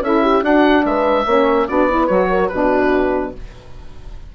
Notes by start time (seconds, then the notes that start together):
0.00 C#4 E4 A4 E5
0.22 G4
0.42 D4 F#4 F#5
0.85 G#3 B4 E5
1.26 A#3 C#4 C#5
1.68 B3 D4 F#4 D5
1.89 E4 B4
2.07 F#3 F#4 C#5
2.30 A#4
2.48 B2 D4 F#4 B4